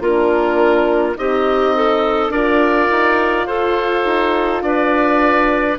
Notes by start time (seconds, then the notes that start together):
0.00 A#3 D4 F4 A#4
1.15 C4 D#4 G4 D#5
1.75 A4
2.29 D4 F4 A#4 D5
2.90 D#4
3.46 F4 A4 C5
4.05 D#4
4.62 D4 B4 D5